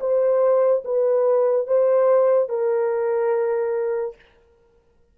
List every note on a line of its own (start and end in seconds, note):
0.00 0.83 C5
0.84 1.67 B4
1.67 2.49 C5
2.49 4.16 A#4